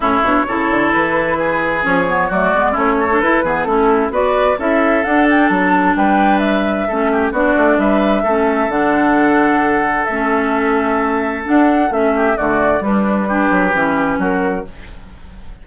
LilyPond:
<<
  \new Staff \with { instrumentName = "flute" } { \time 4/4 \tempo 4 = 131 cis''2 b'2 | cis''4 d''4 cis''4 b'4 | a'4 d''4 e''4 fis''8 g''8 | a''4 g''4 e''2 |
d''4 e''2 fis''4~ | fis''2 e''2~ | e''4 fis''4 e''4 d''4 | b'2. ais'4 | }
  \new Staff \with { instrumentName = "oboe" } { \time 4/4 e'4 a'2 gis'4~ | gis'4 fis'4 e'8 a'4 gis'8 | e'4 b'4 a'2~ | a'4 b'2 a'8 g'8 |
fis'4 b'4 a'2~ | a'1~ | a'2~ a'8 g'8 fis'4 | d'4 g'2 fis'4 | }
  \new Staff \with { instrumentName = "clarinet" } { \time 4/4 cis'8 d'8 e'2. | cis'8 b8 a8 b8 cis'8. d'16 e'8 b8 | cis'4 fis'4 e'4 d'4~ | d'2. cis'4 |
d'2 cis'4 d'4~ | d'2 cis'2~ | cis'4 d'4 cis'4 a4 | g4 d'4 cis'2 | }
  \new Staff \with { instrumentName = "bassoon" } { \time 4/4 a,8 b,8 cis8 d8 e2 | f4 fis8 gis8 a4 e'8 e8 | a4 b4 cis'4 d'4 | fis4 g2 a4 |
b8 a8 g4 a4 d4~ | d2 a2~ | a4 d'4 a4 d4 | g4. fis8 e4 fis4 | }
>>